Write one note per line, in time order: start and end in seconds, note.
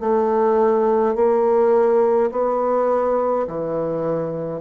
0.00 1.15 A3
1.15 2.30 A#3
2.31 3.46 B3
3.47 4.60 E3